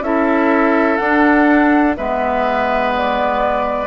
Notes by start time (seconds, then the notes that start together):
0.00 C#4 E4 A4 E5
0.97 D4 F#5
1.96 G#3 B3 B4 E5
2.97 D5